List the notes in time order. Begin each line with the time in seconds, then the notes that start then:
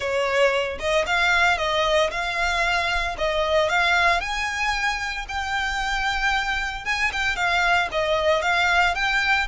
0.00 C#5
0.79 D#5
1.06 F5
1.57 D#5
2.11 F5
3.17 D#5
3.69 F5
4.20 G#5
5.28 G5
6.85 G#5
7.12 G5
7.35 F5
7.91 D#5
8.42 F5
8.94 G5